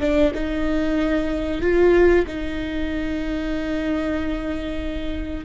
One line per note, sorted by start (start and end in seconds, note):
0.00 0.32 D4
0.34 1.61 D#4
1.61 2.25 F4
2.27 5.45 D#4